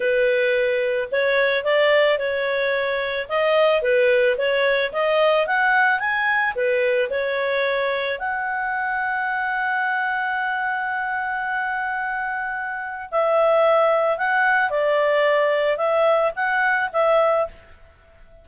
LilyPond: \new Staff \with { instrumentName = "clarinet" } { \time 4/4 \tempo 4 = 110 b'2 cis''4 d''4 | cis''2 dis''4 b'4 | cis''4 dis''4 fis''4 gis''4 | b'4 cis''2 fis''4~ |
fis''1~ | fis''1 | e''2 fis''4 d''4~ | d''4 e''4 fis''4 e''4 | }